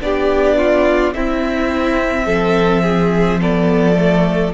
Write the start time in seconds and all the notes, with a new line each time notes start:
0.00 B3 D4 G4 D5
0.57 F4
1.14 C4 E4 E5
2.26 F3 A4
2.83 G#4
3.40 B3 A4 D5
3.95 A3